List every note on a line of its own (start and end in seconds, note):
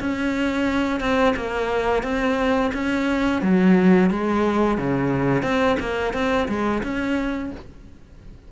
0.00 1.00 C#4
1.00 1.34 C4
1.36 2.03 A#3
2.03 2.71 C4
2.74 3.42 C#4
3.42 4.10 F#3
4.10 4.78 G#3
4.78 5.43 C#3
5.43 5.77 C4
5.80 6.14 A#3
6.14 6.48 C4
6.49 6.83 G#3
6.83 7.51 C#4